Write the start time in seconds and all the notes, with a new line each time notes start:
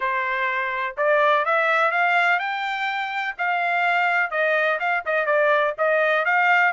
0.00 C5
0.97 D5
1.45 E5
1.91 F5
2.39 G5
3.38 F5
4.30 D#5
4.79 F5
5.05 D#5
5.26 D5
5.78 D#5
6.25 F5